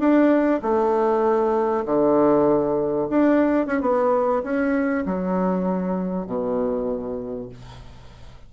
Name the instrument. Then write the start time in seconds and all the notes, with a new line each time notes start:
bassoon
0.00 D4
0.63 A3
1.86 D3
3.10 D4
3.67 C#4
3.82 B3
4.44 C#4
5.06 F#3
6.27 B2